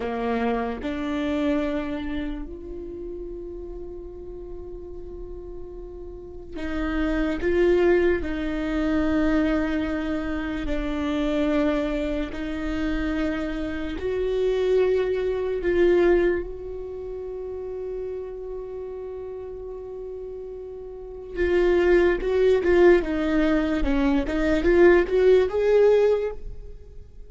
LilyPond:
\new Staff \with { instrumentName = "viola" } { \time 4/4 \tempo 4 = 73 ais4 d'2 f'4~ | f'1 | dis'4 f'4 dis'2~ | dis'4 d'2 dis'4~ |
dis'4 fis'2 f'4 | fis'1~ | fis'2 f'4 fis'8 f'8 | dis'4 cis'8 dis'8 f'8 fis'8 gis'4 | }